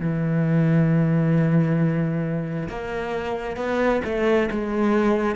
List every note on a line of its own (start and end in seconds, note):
0.00 2.69 E3
2.69 3.57 A#3
3.57 4.02 B3
4.05 4.49 A3
4.51 5.36 G#3